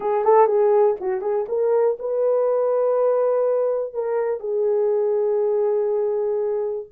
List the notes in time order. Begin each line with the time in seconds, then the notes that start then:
0.00 G#4
0.24 A4
0.46 G#4
1.00 F#4
1.21 G#4
1.48 A#4
1.99 B4
3.93 A#4
4.39 G#4